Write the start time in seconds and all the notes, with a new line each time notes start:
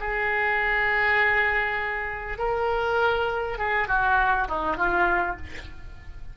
0.00 G#4
2.39 A#4
3.58 G#4
3.88 F#4
4.48 D#4
4.77 F4